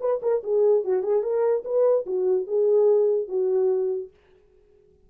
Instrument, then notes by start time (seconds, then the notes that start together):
horn
0.00 B4
0.22 A#4
0.43 G#4
0.84 F#4
1.03 G#4
1.22 A#4
1.64 B4
2.06 F#4
2.47 G#4
3.28 F#4